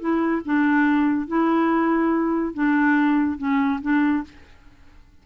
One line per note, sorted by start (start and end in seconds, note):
0.00 0.42 E4
0.45 1.28 D4
1.28 2.54 E4
2.54 3.38 D4
3.38 3.80 C#4
3.81 4.24 D4